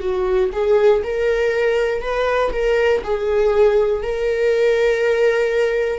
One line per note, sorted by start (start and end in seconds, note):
0.00 0.50 F#4
0.53 1.03 G#4
1.03 2.02 A#4
2.02 2.52 B4
2.52 3.02 A#4
3.04 4.02 G#4
4.02 5.99 A#4